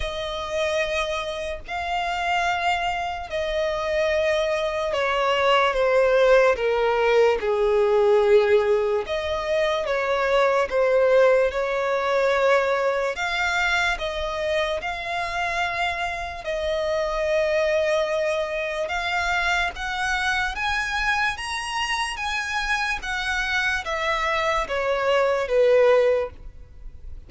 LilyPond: \new Staff \with { instrumentName = "violin" } { \time 4/4 \tempo 4 = 73 dis''2 f''2 | dis''2 cis''4 c''4 | ais'4 gis'2 dis''4 | cis''4 c''4 cis''2 |
f''4 dis''4 f''2 | dis''2. f''4 | fis''4 gis''4 ais''4 gis''4 | fis''4 e''4 cis''4 b'4 | }